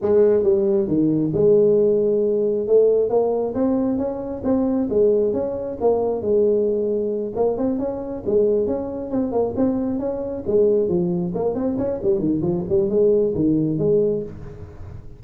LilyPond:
\new Staff \with { instrumentName = "tuba" } { \time 4/4 \tempo 4 = 135 gis4 g4 dis4 gis4~ | gis2 a4 ais4 | c'4 cis'4 c'4 gis4 | cis'4 ais4 gis2~ |
gis8 ais8 c'8 cis'4 gis4 cis'8~ | cis'8 c'8 ais8 c'4 cis'4 gis8~ | gis8 f4 ais8 c'8 cis'8 g8 dis8 | f8 g8 gis4 dis4 gis4 | }